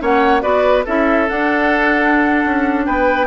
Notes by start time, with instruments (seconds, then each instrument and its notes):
0.00 bassoon A#3, clarinet C#4, oboe C#5, flute F#5
0.41 bassoon B3, clarinet F#4, oboe B4, flute D5
0.85 bassoon C#4, clarinet E4, oboe A4, flute E5
1.28 clarinet D4, bassoon D4, flute F#5
2.45 bassoon C#4
2.86 bassoon B3, oboe B4, flute G5